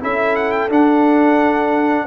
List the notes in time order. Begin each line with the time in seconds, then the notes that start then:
0.00 C#4 E4 A4 E5
0.35 F#5
0.51 G5
0.69 D4 F#5